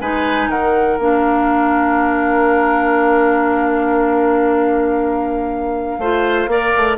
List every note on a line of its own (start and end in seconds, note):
0.00 0.48 G#3
0.00 0.99 D#4
0.00 0.49 B4
0.00 0.49 G#5
0.48 0.98 D#3
0.48 5.99 A#4
0.48 0.97 F#5
0.97 5.98 A#3
0.97 5.99 D4
0.97 6.97 F5
5.98 6.47 A3
5.98 6.49 F4
5.98 6.50 C5
6.47 6.72 A#3
6.47 6.97 A#4
6.47 6.97 D5
6.76 6.97 A3